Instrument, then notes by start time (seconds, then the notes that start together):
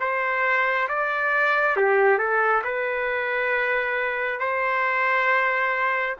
trumpet
0.00 C5
0.89 D5
1.76 G4
2.18 A4
2.64 B4
4.40 C5